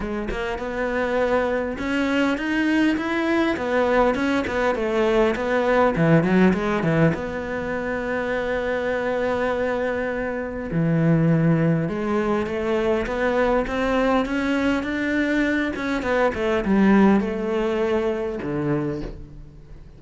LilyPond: \new Staff \with { instrumentName = "cello" } { \time 4/4 \tempo 4 = 101 gis8 ais8 b2 cis'4 | dis'4 e'4 b4 cis'8 b8 | a4 b4 e8 fis8 gis8 e8 | b1~ |
b2 e2 | gis4 a4 b4 c'4 | cis'4 d'4. cis'8 b8 a8 | g4 a2 d4 | }